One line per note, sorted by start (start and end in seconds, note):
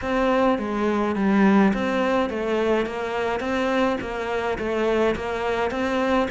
0.01 0.58 C4
0.58 1.15 G#3
1.15 1.72 G3
1.73 2.29 C4
2.29 2.85 A3
2.85 3.40 A#3
3.40 3.97 C4
4.01 4.58 A#3
4.58 5.15 A3
5.15 5.70 A#3
5.70 6.28 C4